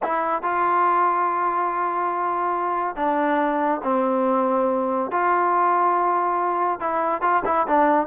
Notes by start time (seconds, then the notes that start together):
0.03 E4
0.42 F4
2.96 D4
3.83 C4
5.11 F4
6.79 E4
7.21 F4
7.45 E4
7.67 D4